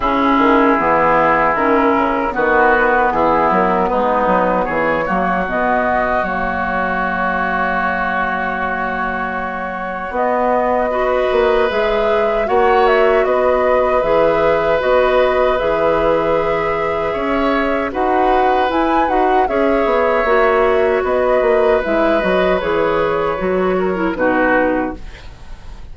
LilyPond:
<<
  \new Staff \with { instrumentName = "flute" } { \time 4/4 \tempo 4 = 77 gis'2 ais'4 b'4 | gis'8 ais'8 b'4 cis''4 dis''4 | cis''1~ | cis''4 dis''2 e''4 |
fis''8 e''8 dis''4 e''4 dis''4 | e''2. fis''4 | gis''8 fis''8 e''2 dis''4 | e''8 dis''8 cis''2 b'4 | }
  \new Staff \with { instrumentName = "oboe" } { \time 4/4 e'2. fis'4 | e'4 dis'4 gis'8 fis'4.~ | fis'1~ | fis'2 b'2 |
cis''4 b'2.~ | b'2 cis''4 b'4~ | b'4 cis''2 b'4~ | b'2~ b'8 ais'8 fis'4 | }
  \new Staff \with { instrumentName = "clarinet" } { \time 4/4 cis'4 b4 cis'4 b4~ | b2~ b8 ais8 b4 | ais1~ | ais4 b4 fis'4 gis'4 |
fis'2 gis'4 fis'4 | gis'2. fis'4 | e'8 fis'8 gis'4 fis'2 | e'8 fis'8 gis'4 fis'8. e'16 dis'4 | }
  \new Staff \with { instrumentName = "bassoon" } { \time 4/4 cis8 dis8 e4 dis8 cis8 dis4 | e8 fis8 gis8 fis8 e8 fis8 b,4 | fis1~ | fis4 b4. ais8 gis4 |
ais4 b4 e4 b4 | e2 cis'4 dis'4 | e'8 dis'8 cis'8 b8 ais4 b8 ais8 | gis8 fis8 e4 fis4 b,4 | }
>>